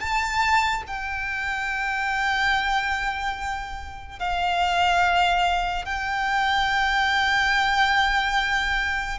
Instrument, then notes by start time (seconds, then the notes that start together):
violin
0.00 A5
0.87 G5
4.19 F5
5.85 G5